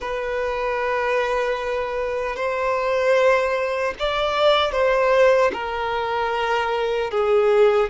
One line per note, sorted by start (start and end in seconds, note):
0.00 2.36 B4
2.36 3.94 C5
3.99 4.72 D5
4.72 5.50 C5
5.53 7.11 A#4
7.11 7.89 G#4